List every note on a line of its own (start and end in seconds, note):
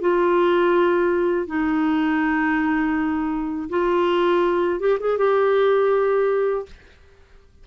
0.00 1.46 F4
1.46 3.68 D#4
3.69 4.79 F4
4.79 4.98 G4
4.99 5.17 G#4
5.17 6.65 G4